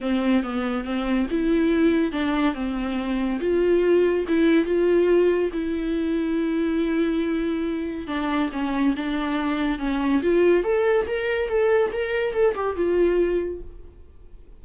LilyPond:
\new Staff \with { instrumentName = "viola" } { \time 4/4 \tempo 4 = 141 c'4 b4 c'4 e'4~ | e'4 d'4 c'2 | f'2 e'4 f'4~ | f'4 e'2.~ |
e'2. d'4 | cis'4 d'2 cis'4 | f'4 a'4 ais'4 a'4 | ais'4 a'8 g'8 f'2 | }